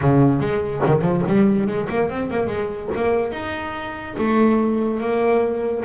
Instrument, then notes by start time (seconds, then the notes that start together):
double bass
0.01 C#3
0.39 G#3
0.86 D#3
1.01 F3
1.27 G3
1.67 G#3
1.89 A#3
2.09 C4
2.30 A#3
2.46 G#3
2.95 A#3
3.32 D#4
4.17 A3
5.00 A#3